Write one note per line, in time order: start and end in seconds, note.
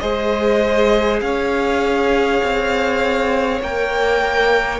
0.00 1.22 G#3
0.00 3.62 G#4
0.00 1.22 C5
0.00 1.20 D#5
1.21 2.42 C#4
1.21 4.80 C#5
1.21 3.61 F5
2.43 3.62 C4
3.62 4.80 A#3
3.62 4.80 A#4
3.62 4.80 G5